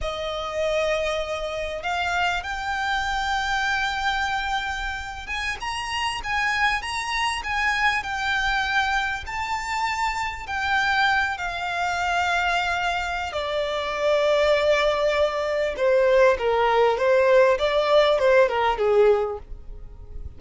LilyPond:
\new Staff \with { instrumentName = "violin" } { \time 4/4 \tempo 4 = 99 dis''2. f''4 | g''1~ | g''8. gis''8 ais''4 gis''4 ais''8.~ | ais''16 gis''4 g''2 a''8.~ |
a''4~ a''16 g''4. f''4~ f''16~ | f''2 d''2~ | d''2 c''4 ais'4 | c''4 d''4 c''8 ais'8 gis'4 | }